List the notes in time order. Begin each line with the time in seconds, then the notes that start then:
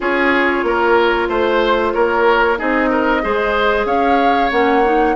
0.00 C#4 F4 G#4 C#5
0.63 A#3 A#4
1.28 A3 C5
1.93 A#3 A#4 C#5
2.58 C4 D#4 G#4 D#5
2.89 A#4
3.22 G#3 G#4 C5
3.85 C#4 C#5 F5
4.51 A#3 C#4 F#5
4.84 D#4